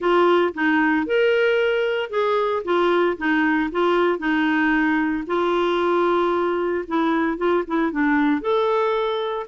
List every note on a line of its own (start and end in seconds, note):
0.00 0.53 F4
0.54 1.06 D#4
1.06 2.10 A#4
2.10 2.62 G#4
2.64 3.17 F4
3.17 3.70 D#4
3.71 4.18 F4
4.18 5.24 D#4
5.26 6.84 F4
6.87 7.37 E4
7.37 7.63 F4
7.67 7.91 E4
7.91 8.41 D4
8.41 9.46 A4